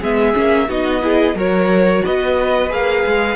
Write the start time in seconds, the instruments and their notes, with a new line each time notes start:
0.00 cello G#3, viola B3, violin G#4 E5
0.33 cello A#3, viola C#4
0.68 cello B3, viola D#4, violin F#4 D#5
1.01 viola E4, violin G#4
1.34 cello F#3, viola F#4, violin A#4 C#5
2.05 cello B3, violin B4 D#5
2.69 cello A#3, viola G#4, violin F5
3.06 cello G#3